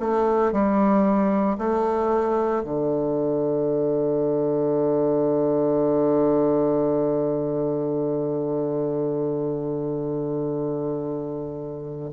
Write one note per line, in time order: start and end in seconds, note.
0.00 0.53 A3
0.53 1.58 G3
1.58 2.63 A3
2.64 12.11 D3